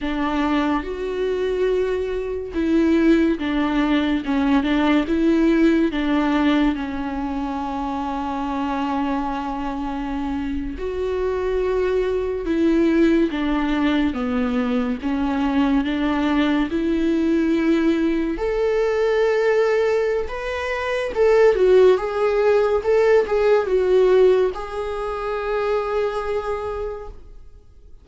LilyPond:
\new Staff \with { instrumentName = "viola" } { \time 4/4 \tempo 4 = 71 d'4 fis'2 e'4 | d'4 cis'8 d'8 e'4 d'4 | cis'1~ | cis'8. fis'2 e'4 d'16~ |
d'8. b4 cis'4 d'4 e'16~ | e'4.~ e'16 a'2~ a'16 | b'4 a'8 fis'8 gis'4 a'8 gis'8 | fis'4 gis'2. | }